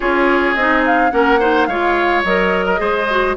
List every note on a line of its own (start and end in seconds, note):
0.00 0.55 C#4
0.00 0.56 F4
0.00 1.11 G#4
0.00 0.55 C#5
0.55 1.11 C4
0.55 1.10 D#4
0.55 0.83 D#5
0.86 1.11 F5
1.10 1.67 A#3
1.10 1.38 C#4
1.10 1.39 A#4
1.10 1.66 F#5
1.39 1.68 D#4
1.39 1.67 C5
1.66 2.23 G#3
1.66 2.25 F4
1.66 2.65 C#5
1.66 2.22 F5
2.23 2.80 F#3
2.23 2.76 A#4
2.23 3.36 D#5
2.65 2.79 A#4
2.76 3.36 G#3
2.76 3.04 G#4
2.76 3.36 C5
3.10 3.36 F#4